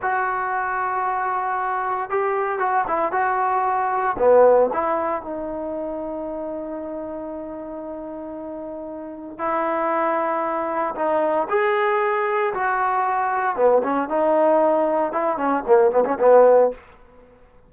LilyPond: \new Staff \with { instrumentName = "trombone" } { \time 4/4 \tempo 4 = 115 fis'1 | g'4 fis'8 e'8 fis'2 | b4 e'4 dis'2~ | dis'1~ |
dis'2 e'2~ | e'4 dis'4 gis'2 | fis'2 b8 cis'8 dis'4~ | dis'4 e'8 cis'8 ais8 b16 cis'16 b4 | }